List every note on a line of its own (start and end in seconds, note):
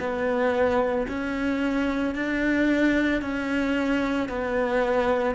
0.00 1.07 B3
1.09 2.15 C#4
2.15 3.22 D4
3.22 4.29 C#4
4.29 5.36 B3